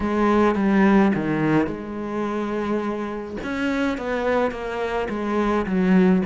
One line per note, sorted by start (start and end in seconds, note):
0.00 0.55 G#3
0.55 1.12 G3
1.14 1.66 D#3
1.66 3.36 G#3
3.43 3.97 C#4
3.97 4.51 B3
4.51 5.08 A#3
5.09 5.65 G#3
5.66 6.22 F#3